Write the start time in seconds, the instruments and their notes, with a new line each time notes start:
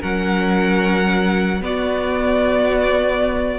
0.00 cello F#3, viola C#4, violin A#4 F#5
1.61 viola B3, cello B3, violin F#4 D5